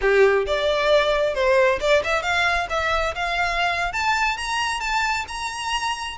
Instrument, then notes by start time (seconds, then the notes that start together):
violin
0.01 G4
0.46 D5
1.34 C5
1.80 D5
2.04 E5
2.22 F5
2.69 E5
3.15 F5
3.92 A5
4.37 A#5
4.80 A5
5.28 A#5